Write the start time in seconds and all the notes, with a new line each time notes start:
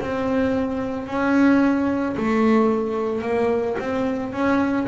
0.00 C4
1.07 C#4
2.17 A3
3.22 A#3
3.79 C4
4.32 C#4